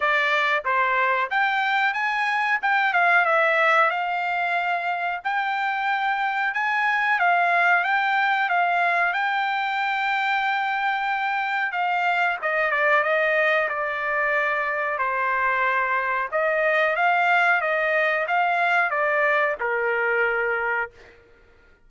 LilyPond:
\new Staff \with { instrumentName = "trumpet" } { \time 4/4 \tempo 4 = 92 d''4 c''4 g''4 gis''4 | g''8 f''8 e''4 f''2 | g''2 gis''4 f''4 | g''4 f''4 g''2~ |
g''2 f''4 dis''8 d''8 | dis''4 d''2 c''4~ | c''4 dis''4 f''4 dis''4 | f''4 d''4 ais'2 | }